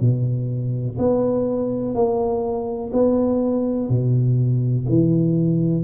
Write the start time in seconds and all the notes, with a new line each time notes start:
0.00 B2
0.98 B3
1.94 A#3
2.93 B3
3.89 B2
4.88 E3